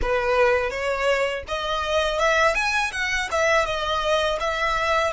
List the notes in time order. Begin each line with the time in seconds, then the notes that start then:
0.01 B4
0.70 C#5
1.47 D#5
2.19 E5
2.54 G#5
2.92 F#5
3.31 E5
3.65 D#5
4.40 E5